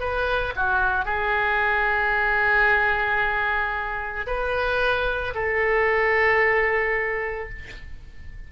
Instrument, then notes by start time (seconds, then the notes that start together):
oboe
0.00 B4
0.56 F#4
1.05 G#4
4.27 B4
5.35 A4